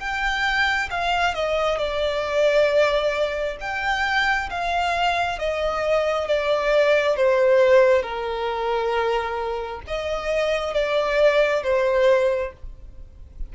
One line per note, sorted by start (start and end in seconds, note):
0.00 0.90 G5
0.91 1.35 F5
1.35 1.79 D#5
1.79 3.58 D5
3.61 4.50 G5
4.51 5.39 F5
5.39 6.28 D#5
6.28 7.17 D5
7.17 8.03 C5
8.03 9.82 A#4
9.88 10.74 D#5
10.74 11.64 D5
11.64 12.53 C5